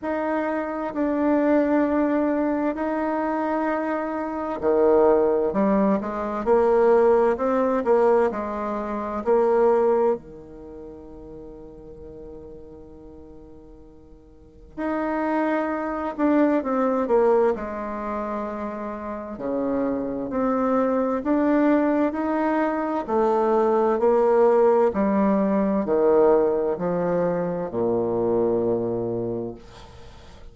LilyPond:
\new Staff \with { instrumentName = "bassoon" } { \time 4/4 \tempo 4 = 65 dis'4 d'2 dis'4~ | dis'4 dis4 g8 gis8 ais4 | c'8 ais8 gis4 ais4 dis4~ | dis1 |
dis'4. d'8 c'8 ais8 gis4~ | gis4 cis4 c'4 d'4 | dis'4 a4 ais4 g4 | dis4 f4 ais,2 | }